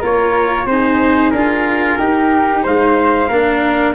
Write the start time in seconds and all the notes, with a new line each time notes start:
0.00 A#3 F4 A#4 C#5
0.66 C4 D#4 G#4 C5
1.31 D4 F4 A#4
1.99 D#4 G4
2.63 G#3 C5 F5
3.28 A#3 D4 A#4